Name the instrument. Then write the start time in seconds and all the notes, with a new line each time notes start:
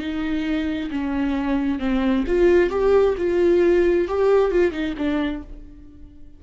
viola
0.00 D#4
0.91 C#4
1.80 C4
2.27 F4
2.70 G4
3.18 F4
4.08 G4
4.52 F4
4.72 D#4
4.98 D4